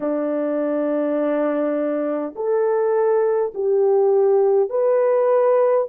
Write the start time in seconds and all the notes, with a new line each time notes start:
0.00 D4
2.35 A4
3.54 G4
4.69 B4